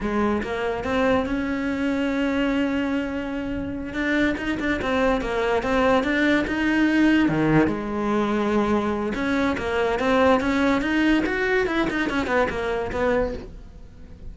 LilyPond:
\new Staff \with { instrumentName = "cello" } { \time 4/4 \tempo 4 = 144 gis4 ais4 c'4 cis'4~ | cis'1~ | cis'4. d'4 dis'8 d'8 c'8~ | c'8 ais4 c'4 d'4 dis'8~ |
dis'4. dis4 gis4.~ | gis2 cis'4 ais4 | c'4 cis'4 dis'4 fis'4 | e'8 dis'8 cis'8 b8 ais4 b4 | }